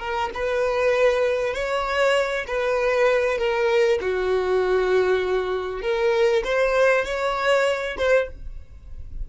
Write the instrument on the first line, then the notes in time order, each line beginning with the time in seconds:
violin
0.00 A#4
0.35 B4
1.54 C#5
2.47 B4
3.38 A#4
4.01 F#4
5.82 A#4
6.45 C5
7.05 C#5
7.98 C5